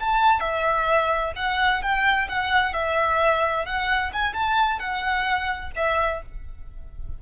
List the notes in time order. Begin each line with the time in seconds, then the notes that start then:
0.00 A5
0.41 E5
1.36 F#5
1.83 G5
2.29 F#5
2.74 E5
3.66 F#5
4.13 G#5
4.34 A5
4.80 F#5
5.77 E5